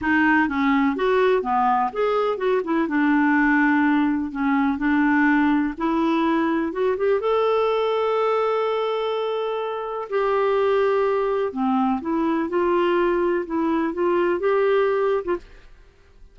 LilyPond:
\new Staff \with { instrumentName = "clarinet" } { \time 4/4 \tempo 4 = 125 dis'4 cis'4 fis'4 b4 | gis'4 fis'8 e'8 d'2~ | d'4 cis'4 d'2 | e'2 fis'8 g'8 a'4~ |
a'1~ | a'4 g'2. | c'4 e'4 f'2 | e'4 f'4 g'4.~ g'16 f'16 | }